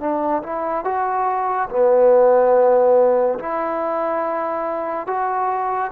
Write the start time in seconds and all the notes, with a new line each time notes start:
0.00 D4
0.43 E4
0.85 F#4
1.70 B3
3.39 E4
5.07 F#4